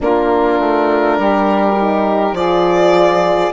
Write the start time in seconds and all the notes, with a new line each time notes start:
0.00 A#3 D4 F4 A#4
0.59 A3
1.17 G3 G4
1.78 D#4
2.32 F3 F4 G#4 D5